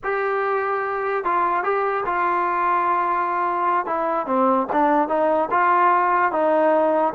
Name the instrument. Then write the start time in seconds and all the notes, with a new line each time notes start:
trombone
0.03 G4
1.24 F4
1.63 G4
2.05 F4
3.86 E4
4.26 C4
4.72 D4
5.08 D#4
5.51 F4
6.32 D#4